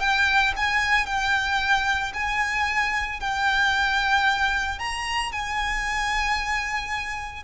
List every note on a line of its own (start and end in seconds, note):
0.00 0.53 G5
0.56 1.06 G#5
1.06 2.12 G5
2.13 3.20 G#5
3.20 4.79 G5
4.79 5.32 A#5
5.32 7.43 G#5